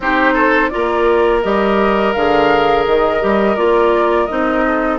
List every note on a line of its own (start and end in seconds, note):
0.00 0.71 C4
0.00 0.70 D#4
0.00 0.33 G4
0.00 0.69 C5
0.33 0.69 A4
0.69 1.42 F4
0.69 4.66 A#4
0.69 1.40 D5
0.75 1.44 A#3
1.42 2.15 G3
1.42 2.15 G4
1.42 2.12 D#5
2.12 2.86 D3
2.12 3.20 G#4
2.12 2.84 F5
2.86 3.22 D#3
2.86 3.55 D#5
3.20 3.56 G3
3.20 3.56 G4
3.55 4.28 A#3
3.55 4.28 F4
3.55 4.25 D5
4.25 4.98 C4
4.25 4.98 D#4
4.25 4.97 D#5
4.66 4.98 A4